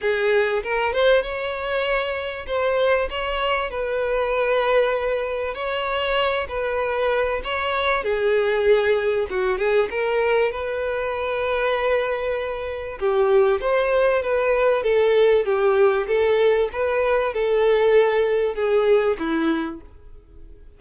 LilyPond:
\new Staff \with { instrumentName = "violin" } { \time 4/4 \tempo 4 = 97 gis'4 ais'8 c''8 cis''2 | c''4 cis''4 b'2~ | b'4 cis''4. b'4. | cis''4 gis'2 fis'8 gis'8 |
ais'4 b'2.~ | b'4 g'4 c''4 b'4 | a'4 g'4 a'4 b'4 | a'2 gis'4 e'4 | }